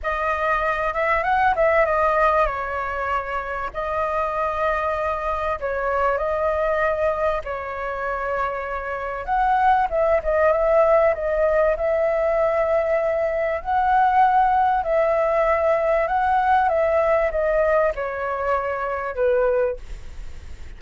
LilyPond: \new Staff \with { instrumentName = "flute" } { \time 4/4 \tempo 4 = 97 dis''4. e''8 fis''8 e''8 dis''4 | cis''2 dis''2~ | dis''4 cis''4 dis''2 | cis''2. fis''4 |
e''8 dis''8 e''4 dis''4 e''4~ | e''2 fis''2 | e''2 fis''4 e''4 | dis''4 cis''2 b'4 | }